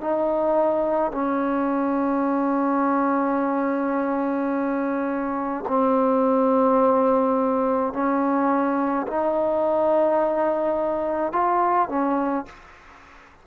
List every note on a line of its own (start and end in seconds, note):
0.00 1.12 D#4
1.12 5.64 C#4
5.68 7.93 C4
7.93 9.06 C#4
9.07 11.32 D#4
11.32 11.89 F4
11.89 12.45 C#4